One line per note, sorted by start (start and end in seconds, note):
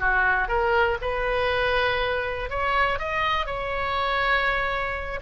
0.00 0.48 F#4
0.48 0.98 A#4
1.01 2.50 B4
2.50 2.99 C#5
2.99 3.46 D#5
3.46 5.20 C#5